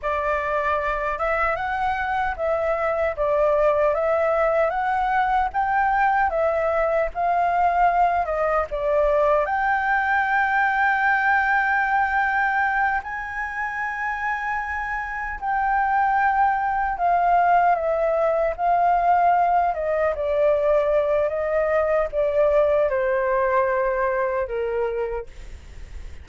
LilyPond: \new Staff \with { instrumentName = "flute" } { \time 4/4 \tempo 4 = 76 d''4. e''8 fis''4 e''4 | d''4 e''4 fis''4 g''4 | e''4 f''4. dis''8 d''4 | g''1~ |
g''8 gis''2. g''8~ | g''4. f''4 e''4 f''8~ | f''4 dis''8 d''4. dis''4 | d''4 c''2 ais'4 | }